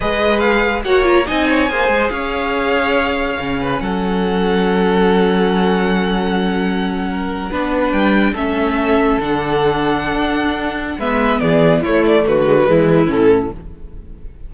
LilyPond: <<
  \new Staff \with { instrumentName = "violin" } { \time 4/4 \tempo 4 = 142 dis''4 f''4 fis''8 ais''8 gis''4~ | gis''4 f''2.~ | f''4 fis''2.~ | fis''1~ |
fis''2~ fis''8. g''4 e''16~ | e''4.~ e''16 fis''2~ fis''16~ | fis''2 e''4 d''4 | cis''8 d''8 b'2 a'4 | }
  \new Staff \with { instrumentName = "violin" } { \time 4/4 b'2 cis''4 dis''8 cis''8 | c''4 cis''2.~ | cis''8 b'8 a'2.~ | a'1~ |
a'8. ais'4 b'2 a'16~ | a'1~ | a'2 b'4 gis'4 | e'4 fis'4 e'2 | }
  \new Staff \with { instrumentName = "viola" } { \time 4/4 gis'2 fis'8 f'8 dis'4 | gis'1 | cis'1~ | cis'1~ |
cis'4.~ cis'16 d'2 cis'16~ | cis'4.~ cis'16 d'2~ d'16~ | d'2 b2 | a4. gis16 fis16 gis4 cis'4 | }
  \new Staff \with { instrumentName = "cello" } { \time 4/4 gis2 ais4 c'4 | ais8 gis8 cis'2. | cis4 fis2.~ | fis1~ |
fis4.~ fis16 b4 g4 a16~ | a4.~ a16 d2~ d16 | d'2 gis4 e4 | a4 d4 e4 a,4 | }
>>